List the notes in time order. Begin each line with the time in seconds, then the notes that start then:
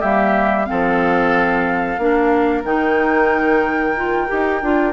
0.00 G3 A#3 G4 E5
0.65 F3 C4 A4 F5
1.98 A#3 D4 A#4
2.65 D#3 D#4 G5
3.97 F4
4.28 D#4 G4
4.62 D4 F4